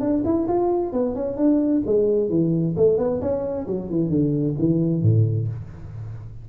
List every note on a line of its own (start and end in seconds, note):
0.00 0.23 D4
0.25 0.48 E4
0.48 0.93 F4
0.93 1.15 B3
1.15 1.37 C#4
1.37 1.82 D4
1.86 2.30 G#3
2.30 2.75 E3
2.77 2.98 A3
2.98 3.21 B3
3.21 3.67 C#4
3.67 3.90 F#3
3.90 4.09 E3
4.09 4.55 D3
4.58 5.02 E3
5.02 5.48 A2